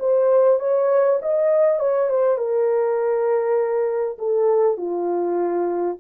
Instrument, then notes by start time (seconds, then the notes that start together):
horn
0.00 C5
0.60 C#5
1.22 D#5
1.80 C#5
2.10 C5
2.38 A#4
4.19 A4
4.78 F4